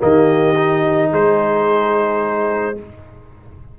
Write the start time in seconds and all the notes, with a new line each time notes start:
0.00 D#3 A#3 G4 D#5
0.56 D#4
1.12 G#3 G#4 C5